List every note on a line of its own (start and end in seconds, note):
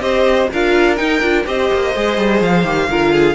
0.00 0.48 C4
0.00 0.48 G4
0.00 0.50 C5
0.00 0.48 D#5
0.51 1.00 D4
0.51 0.96 F4
0.51 1.45 A#4
0.51 0.96 F5
0.96 1.20 D#4
0.96 1.21 D#4
0.96 1.44 G5
1.21 1.45 D4
1.21 1.45 F4
1.45 1.70 C4
1.45 1.93 G4
1.45 2.88 C5
1.45 2.42 D#5
1.73 1.96 A#3
1.95 2.17 G#3
1.95 2.65 G#4
2.17 2.41 G3
2.41 2.64 F3
2.41 3.35 F5
2.64 2.87 D#3
2.64 2.89 G4
2.88 3.35 D3
2.88 3.35 F4
2.88 3.12 A#4
3.12 3.35 G#4